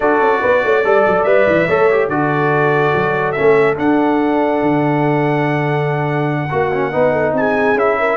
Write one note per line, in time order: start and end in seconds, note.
0.00 0.20 D4
0.00 0.84 F#4
0.00 0.40 A4
0.00 1.23 D5
0.20 0.41 C#4
0.40 0.64 B3
0.40 0.61 B4
0.64 0.84 A3
0.64 0.85 C#5
0.84 1.05 G3
0.84 1.26 A4
0.84 1.67 D5
1.06 1.25 F#3
1.23 1.46 G3
1.23 1.68 B4
1.23 2.07 E5
1.47 1.67 E3
1.67 2.08 A3
1.67 1.90 A4
1.67 2.09 C#5
1.91 2.10 G4
2.08 2.92 D3
2.08 3.36 F#4
2.08 6.51 A4
2.08 3.32 D5
2.95 3.37 F#3
3.32 3.76 C#4
3.32 3.74 E5
3.39 3.78 A3
3.76 6.48 D4
3.76 4.61 D4
3.76 7.35 F#5
4.61 6.50 D3
6.50 6.94 A#3
6.50 6.71 F#4
6.50 6.91 F#4
6.72 6.92 C#4
6.91 7.32 B3
6.91 7.76 D#4
6.91 7.11 B4
7.11 7.32 A4
7.32 7.74 C4
7.32 7.99 G#4
7.32 7.78 G#5
7.74 8.16 C#4
7.74 8.16 E4
7.74 8.16 E5
7.99 8.16 A#4